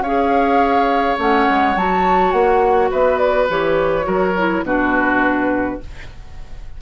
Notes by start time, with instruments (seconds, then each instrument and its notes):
0.00 bassoon C#4, clarinet G#4, oboe C#5, flute F5
1.18 bassoon A3, clarinet C#4, flute F#5
1.49 bassoon G#3
1.75 bassoon F#3, clarinet F#4, flute A5
2.31 bassoon A#3, flute F#5
2.91 bassoon B3, oboe B4, flute E5
3.18 flute D5
3.50 bassoon E3, clarinet G4, flute C#5
4.02 bassoon F#3, clarinet F#4, oboe A#4
4.38 clarinet E4
4.63 bassoon B2, clarinet D4, oboe F#4, flute B4